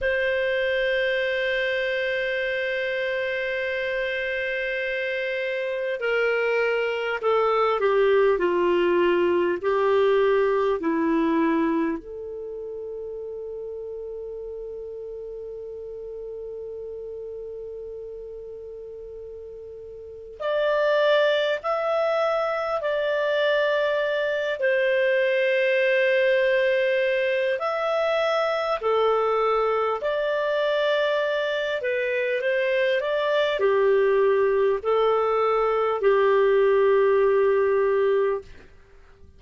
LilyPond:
\new Staff \with { instrumentName = "clarinet" } { \time 4/4 \tempo 4 = 50 c''1~ | c''4 ais'4 a'8 g'8 f'4 | g'4 e'4 a'2~ | a'1~ |
a'4 d''4 e''4 d''4~ | d''8 c''2~ c''8 e''4 | a'4 d''4. b'8 c''8 d''8 | g'4 a'4 g'2 | }